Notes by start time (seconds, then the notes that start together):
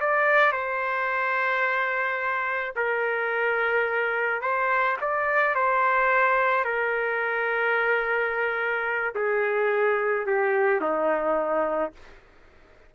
0.00 D5
0.52 C5
2.76 A#4
4.41 C5
5.01 D5
5.55 C5
6.65 A#4
9.15 G#4
10.26 G4
10.81 D#4